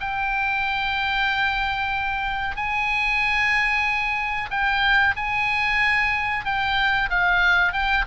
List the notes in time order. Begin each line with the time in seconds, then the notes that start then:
0.00 G5
2.56 G#5
4.50 G5
5.16 G#5
6.45 G5
7.10 F5
7.73 G5